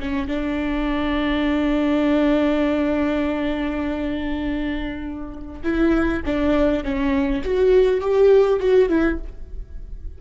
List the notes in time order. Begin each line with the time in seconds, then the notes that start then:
0.00 C#4
0.28 D4
5.64 E4
6.26 D4
6.84 C#4
7.44 F#4
8.01 G4
8.60 F#4
8.89 E4